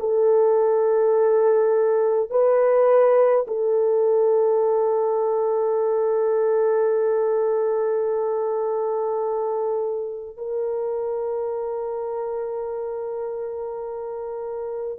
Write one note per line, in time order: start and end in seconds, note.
0.00 2.31 A4
2.31 3.46 B4
3.48 10.37 A4
10.37 14.99 A#4